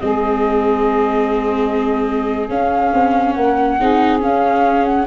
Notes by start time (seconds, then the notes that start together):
0.00 G#3 C4 G#4 D#5
2.49 C#4 F5
2.93 C4
3.33 A#3 A#4 F#5
3.78 C4 D#4 G#4
4.20 C#4 F5
4.85 F#5